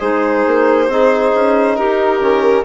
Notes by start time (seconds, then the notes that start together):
0.00 G#3 D#4 G#4 C5
0.47 A#3
0.88 C4 D#4 G#4
1.34 C#4
1.76 D#4 G4 A#4
2.21 D#3 C#4